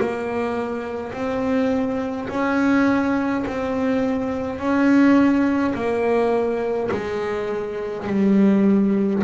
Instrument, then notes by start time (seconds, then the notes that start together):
double bass
0.00 A#3
1.13 C4
2.29 C#4
3.47 C4
4.58 C#4
5.74 A#3
6.91 G#3
8.07 G3